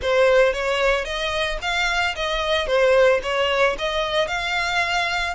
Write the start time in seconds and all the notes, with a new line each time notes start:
0.02 C5
0.53 C#5
1.04 D#5
1.61 F5
2.15 D#5
2.66 C5
3.22 C#5
3.78 D#5
4.27 F5